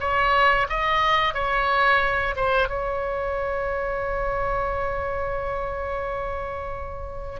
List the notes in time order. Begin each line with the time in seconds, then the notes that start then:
0.00 C#5
0.69 D#5
1.34 C#5
2.36 C5
2.69 C#5